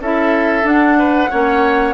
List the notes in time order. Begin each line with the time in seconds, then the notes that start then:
0.00 C#4 E4 A4 E5
0.63 D4 F#5
0.99 B4
1.31 A#3 C#4 C#5